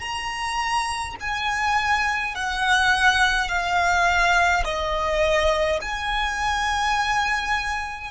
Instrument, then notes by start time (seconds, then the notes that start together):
violin
0.00 A#5
1.20 G#5
2.35 F#5
3.49 F5
4.64 D#5
5.81 G#5